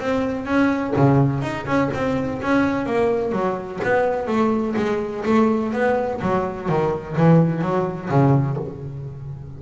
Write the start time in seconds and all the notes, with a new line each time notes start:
0.00 C4
0.46 C#4
0.96 C#3
1.42 D#4
1.66 C#4
1.94 C4
2.42 C#4
2.86 A#3
3.32 F#3
3.84 B3
4.27 A3
4.77 G#3
5.25 A3
5.73 B3
6.22 F#3
6.69 D#3
7.17 E3
7.62 F#3
8.10 C#3